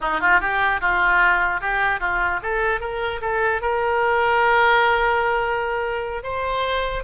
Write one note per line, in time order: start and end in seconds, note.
0.01 0.20 D#4
0.20 0.40 F4
0.40 0.80 G4
0.81 1.61 F4
1.61 2.00 G4
2.00 2.40 F4
2.42 2.80 A4
2.80 3.20 A#4
3.21 3.61 A4
3.61 6.23 A#4
6.23 7.03 C5